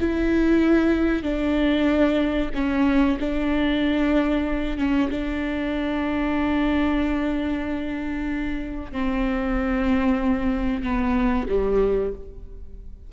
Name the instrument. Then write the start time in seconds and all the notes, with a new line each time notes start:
viola
0.00 E4
1.22 D4
2.54 C#4
3.19 D4
4.77 C#4
5.10 D4
8.92 C4
10.82 B3
11.48 G3